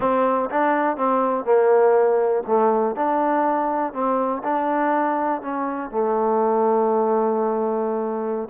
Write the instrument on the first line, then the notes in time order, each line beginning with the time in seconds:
trombone
0.00 C4
0.49 D4
0.96 C4
1.45 A#3
2.46 A3
2.95 D4
3.93 C4
4.43 D4
5.41 C#4
5.90 A3